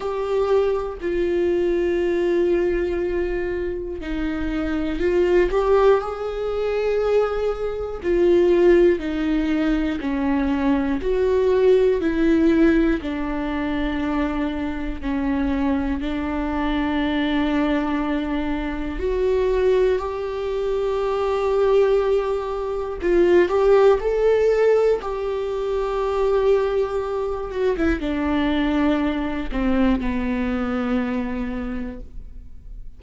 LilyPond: \new Staff \with { instrumentName = "viola" } { \time 4/4 \tempo 4 = 60 g'4 f'2. | dis'4 f'8 g'8 gis'2 | f'4 dis'4 cis'4 fis'4 | e'4 d'2 cis'4 |
d'2. fis'4 | g'2. f'8 g'8 | a'4 g'2~ g'8 fis'16 e'16 | d'4. c'8 b2 | }